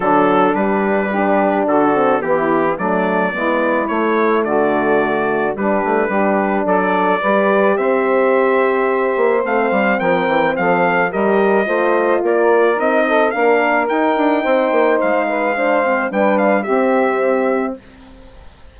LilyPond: <<
  \new Staff \with { instrumentName = "trumpet" } { \time 4/4 \tempo 4 = 108 a'4 b'2 a'4 | g'4 d''2 cis''4 | d''2 b'2 | d''2 e''2~ |
e''4 f''4 g''4 f''4 | dis''2 d''4 dis''4 | f''4 g''2 f''4~ | f''4 g''8 f''8 e''2 | }
  \new Staff \with { instrumentName = "saxophone" } { \time 4/4 d'2 g'4 fis'4 | e'4 d'4 e'2 | fis'2 d'4 g'4 | a'4 b'4 c''2~ |
c''2 ais'4 a'4 | ais'4 c''4 ais'4. a'8 | ais'2 c''4. b'8 | c''4 b'4 g'2 | }
  \new Staff \with { instrumentName = "horn" } { \time 4/4 fis4 g4 d'4. c'8 | b4 a4 b4 a4~ | a2 g4 d'4~ | d'4 g'2.~ |
g'4 c'2. | g'4 f'2 dis'4 | d'4 dis'2. | d'8 c'8 d'4 c'2 | }
  \new Staff \with { instrumentName = "bassoon" } { \time 4/4 d4 g2 d4 | e4 fis4 gis4 a4 | d2 g8 a8 g4 | fis4 g4 c'2~ |
c'8 ais8 a8 g8 f8 e8 f4 | g4 a4 ais4 c'4 | ais4 dis'8 d'8 c'8 ais8 gis4~ | gis4 g4 c'2 | }
>>